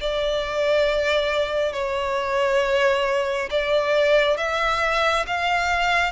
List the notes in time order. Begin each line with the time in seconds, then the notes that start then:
0.00 D5
1.72 C#5
3.50 D5
4.37 E5
5.27 F5